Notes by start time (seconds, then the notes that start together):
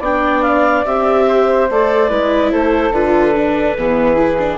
0.00 B3 D4 D5 G5
0.42 F5
0.85 C4 G4 E5
1.28 C5
1.70 A3 A4 D5
2.09 G#3 E4 B4
2.51 A3 A4 C5
2.91 D3 F4 B4
3.35 D4
3.77 E3 B3 G#4
4.16 E4
4.38 D4